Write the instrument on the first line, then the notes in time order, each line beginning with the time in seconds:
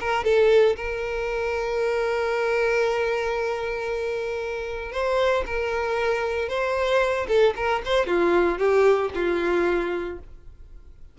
violin
0.00 A#4
0.24 A4
0.76 A#4
4.92 C5
5.46 A#4
6.49 C5
7.28 A4
7.56 A#4
7.85 C5
8.06 F4
8.58 G4
9.14 F4